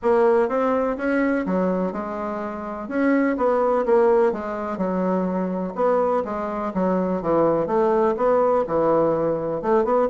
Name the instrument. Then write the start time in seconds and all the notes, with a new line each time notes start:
bassoon
0.02 A#3
0.48 C4
0.97 C#4
1.46 F#3
1.92 G#3
2.88 C#4
3.37 B3
3.85 A#3
4.32 G#3
4.77 F#3
5.75 B3
6.24 G#3
6.74 F#3
7.22 E3
7.66 A3
8.16 B3
8.67 E3
9.62 A3
9.84 B3